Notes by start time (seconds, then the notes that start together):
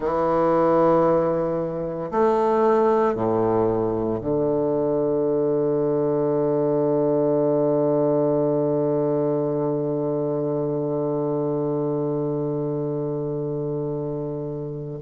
0.00 E3
2.11 A3
3.14 A2
4.21 D3